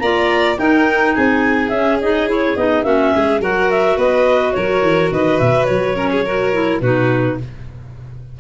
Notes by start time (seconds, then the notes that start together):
0.00 A#3 F4 D5 A#5
0.58 D#4 A#4 G5
1.15 C4 G#4 G#5
1.69 C#4 E5
2.01 D#4 D#5
2.28 E4 C#5
2.57 B3 D#4 D#5
2.84 A#3 C#4 F#4 E5
3.16 G#3 G#4
3.40 F#3 F#4 A#4 F#5
3.71 E5
3.97 B3 B4 D#5
4.53 F#3 A#4 C#5
4.83 E3
5.12 D#3 B4 D#5
5.40 B2 E5
5.65 F#3 C#5
5.95 C#4 A#4
6.12 G#4
6.25 F#4 A#4
6.53 E4
6.81 B2 D#4 F#4 B4